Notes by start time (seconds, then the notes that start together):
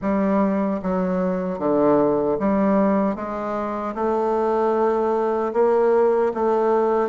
0.01 G3
0.82 F#3
1.59 D3
2.39 G3
3.15 G#3
3.95 A3
5.53 A#3
6.34 A3